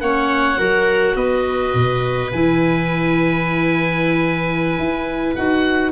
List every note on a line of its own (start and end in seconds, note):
0.00 0.58 A#3
0.00 0.56 C#4
0.00 0.58 C#5
0.00 1.16 F#5
0.56 1.15 F#3
0.56 2.30 F#4
0.56 1.16 A#4
1.15 1.73 B3
1.15 5.91 B4
1.15 2.31 D#5
1.73 2.31 B2
2.32 4.78 E3
2.32 5.35 E4
2.32 5.34 G#5
4.78 5.36 E4
5.35 5.91 D#4
5.35 5.91 F#4
5.35 5.91 F#5